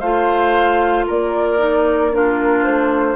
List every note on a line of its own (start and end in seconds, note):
0.00 1.07 A3
0.00 1.58 F4
0.00 1.05 C5
0.00 1.05 F5
1.07 2.66 A#3
1.07 2.12 A#4
1.07 2.15 D5
1.58 2.11 D#4
2.13 3.16 D4
2.13 3.16 F4
2.13 2.64 A#4
2.64 3.16 A3
2.64 3.16 C5